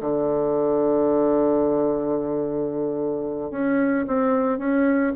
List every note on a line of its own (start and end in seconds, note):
0.00 3.51 D3
3.51 4.05 C#4
4.07 4.58 C4
4.58 5.12 C#4